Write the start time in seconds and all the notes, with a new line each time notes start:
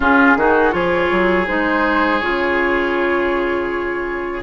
0.00 C#3 C#4 F4 G#4
0.36 D#3 D#4 F#4
0.71 F3 F4 G#4 C#5
1.11 F#3
1.47 G#3 D#4 C5
2.19 C#3 F4 C#5